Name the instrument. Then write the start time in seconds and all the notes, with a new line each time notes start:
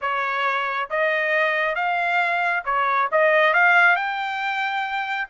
trumpet
0.01 C#5
0.89 D#5
1.75 F5
2.65 C#5
3.11 D#5
3.53 F5
3.95 G5